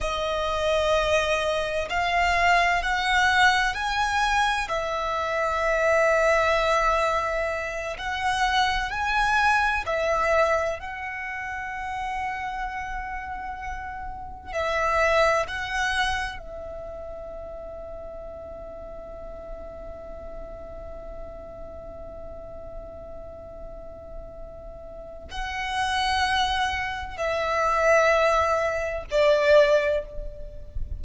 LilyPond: \new Staff \with { instrumentName = "violin" } { \time 4/4 \tempo 4 = 64 dis''2 f''4 fis''4 | gis''4 e''2.~ | e''8 fis''4 gis''4 e''4 fis''8~ | fis''2.~ fis''8 e''8~ |
e''8 fis''4 e''2~ e''8~ | e''1~ | e''2. fis''4~ | fis''4 e''2 d''4 | }